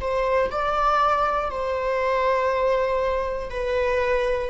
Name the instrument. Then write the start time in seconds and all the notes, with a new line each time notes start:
viola
0.00 C5
0.50 D5
1.50 C5
3.50 B4